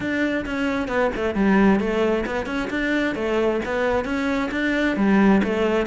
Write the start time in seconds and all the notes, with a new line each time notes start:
0.00 D4
0.45 C#4
0.88 B3
1.15 A3
1.35 G3
1.79 A3
2.26 B3
2.46 C#4
2.70 D4
3.15 A3
3.65 B3
4.04 C#4
4.51 D4
4.96 G3
5.43 A3